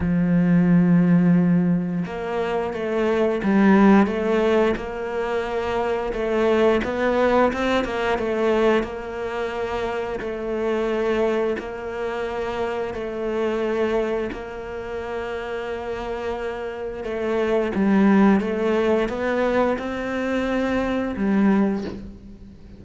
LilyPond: \new Staff \with { instrumentName = "cello" } { \time 4/4 \tempo 4 = 88 f2. ais4 | a4 g4 a4 ais4~ | ais4 a4 b4 c'8 ais8 | a4 ais2 a4~ |
a4 ais2 a4~ | a4 ais2.~ | ais4 a4 g4 a4 | b4 c'2 g4 | }